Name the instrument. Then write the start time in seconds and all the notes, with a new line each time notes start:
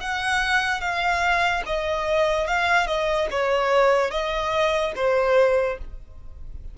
violin
0.00 F#5
0.81 F5
1.66 D#5
2.47 F5
2.87 D#5
3.31 C#5
4.11 D#5
4.96 C5